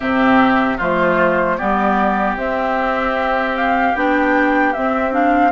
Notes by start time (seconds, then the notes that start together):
0.00 C3 C4 G4 E5
0.77 F3 A3 F4 C5
1.57 G3 B3 G4 D5
2.36 C4 E5
3.56 F5
3.95 B3 D4 G5
4.73 C4 E5
5.11 D4 F5